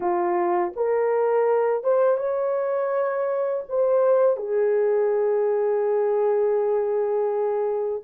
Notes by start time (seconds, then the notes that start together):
0.00 F4
0.75 A#4
1.83 C5
2.17 C#5
3.69 C5
4.36 G#4